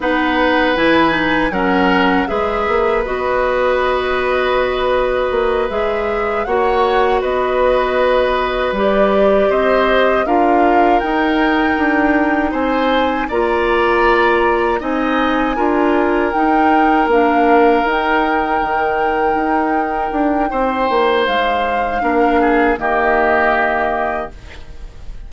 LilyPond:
<<
  \new Staff \with { instrumentName = "flute" } { \time 4/4 \tempo 4 = 79 fis''4 gis''4 fis''4 e''4 | dis''2.~ dis''8 e''8~ | e''8 fis''4 dis''2 d''8~ | d''8 dis''4 f''4 g''4.~ |
g''8 gis''4 ais''2 gis''8~ | gis''4. g''4 f''4 g''8~ | g''1 | f''2 dis''2 | }
  \new Staff \with { instrumentName = "oboe" } { \time 4/4 b'2 ais'4 b'4~ | b'1~ | b'8 cis''4 b'2~ b'8~ | b'8 c''4 ais'2~ ais'8~ |
ais'8 c''4 d''2 dis''8~ | dis''8 ais'2.~ ais'8~ | ais'2. c''4~ | c''4 ais'8 gis'8 g'2 | }
  \new Staff \with { instrumentName = "clarinet" } { \time 4/4 dis'4 e'8 dis'8 cis'4 gis'4 | fis'2.~ fis'8 gis'8~ | gis'8 fis'2. g'8~ | g'4. f'4 dis'4.~ |
dis'4. f'2 dis'8~ | dis'8 f'4 dis'4 d'4 dis'8~ | dis'1~ | dis'4 d'4 ais2 | }
  \new Staff \with { instrumentName = "bassoon" } { \time 4/4 b4 e4 fis4 gis8 ais8 | b2. ais8 gis8~ | gis8 ais4 b2 g8~ | g8 c'4 d'4 dis'4 d'8~ |
d'8 c'4 ais2 c'8~ | c'8 d'4 dis'4 ais4 dis'8~ | dis'8 dis4 dis'4 d'8 c'8 ais8 | gis4 ais4 dis2 | }
>>